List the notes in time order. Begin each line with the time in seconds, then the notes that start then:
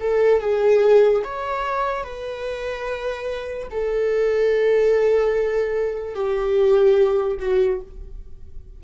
0.00 A4
0.40 G#4
1.24 C#5
2.04 B4
3.71 A4
6.15 G4
7.39 F#4